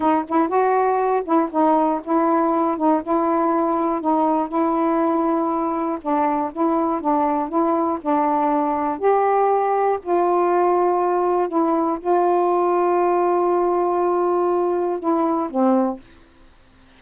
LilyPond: \new Staff \with { instrumentName = "saxophone" } { \time 4/4 \tempo 4 = 120 dis'8 e'8 fis'4. e'8 dis'4 | e'4. dis'8 e'2 | dis'4 e'2. | d'4 e'4 d'4 e'4 |
d'2 g'2 | f'2. e'4 | f'1~ | f'2 e'4 c'4 | }